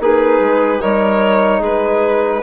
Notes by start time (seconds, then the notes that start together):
0.00 A#3 D#4 G#4 B4
0.40 G#3
0.80 G3 D#4 A#4 C#5
1.59 G#3 G#4 B4